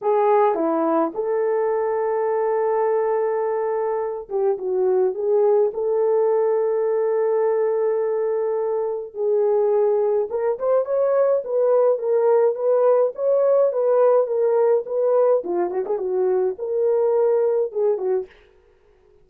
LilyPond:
\new Staff \with { instrumentName = "horn" } { \time 4/4 \tempo 4 = 105 gis'4 e'4 a'2~ | a'2.~ a'8 g'8 | fis'4 gis'4 a'2~ | a'1 |
gis'2 ais'8 c''8 cis''4 | b'4 ais'4 b'4 cis''4 | b'4 ais'4 b'4 f'8 fis'16 gis'16 | fis'4 ais'2 gis'8 fis'8 | }